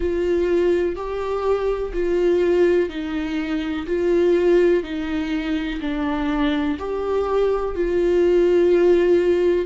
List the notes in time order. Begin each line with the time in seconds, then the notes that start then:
0.00 F4
0.95 G4
1.93 F4
2.89 D#4
3.86 F4
4.83 D#4
5.81 D4
6.78 G4
7.75 F4